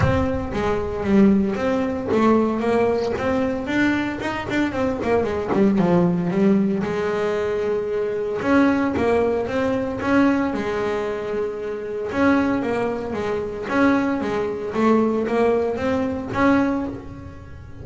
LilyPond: \new Staff \with { instrumentName = "double bass" } { \time 4/4 \tempo 4 = 114 c'4 gis4 g4 c'4 | a4 ais4 c'4 d'4 | dis'8 d'8 c'8 ais8 gis8 g8 f4 | g4 gis2. |
cis'4 ais4 c'4 cis'4 | gis2. cis'4 | ais4 gis4 cis'4 gis4 | a4 ais4 c'4 cis'4 | }